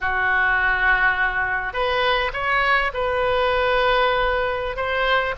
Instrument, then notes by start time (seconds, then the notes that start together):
oboe
0.00 F#4
1.73 B4
2.33 C#5
2.93 B4
4.76 C5